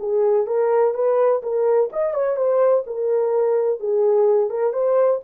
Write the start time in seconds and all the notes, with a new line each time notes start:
0.00 G#4
0.47 A#4
0.95 B4
1.43 A#4
1.93 D#5
2.14 C#5
2.37 C5
2.87 A#4
3.80 G#4
4.50 A#4
4.73 C5